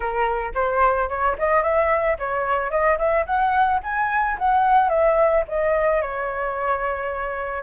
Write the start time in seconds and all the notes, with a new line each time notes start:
0.00 A#4
0.54 C5
1.09 C#5
1.38 D#5
1.62 E5
2.18 C#5
2.70 D#5
2.98 E5
3.26 F#5
3.83 G#5
4.38 F#5
4.89 E5
5.48 D#5
6.01 C#5